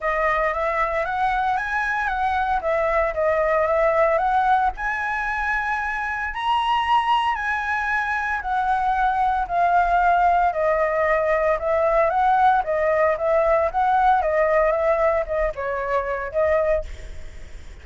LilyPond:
\new Staff \with { instrumentName = "flute" } { \time 4/4 \tempo 4 = 114 dis''4 e''4 fis''4 gis''4 | fis''4 e''4 dis''4 e''4 | fis''4 gis''2. | ais''2 gis''2 |
fis''2 f''2 | dis''2 e''4 fis''4 | dis''4 e''4 fis''4 dis''4 | e''4 dis''8 cis''4. dis''4 | }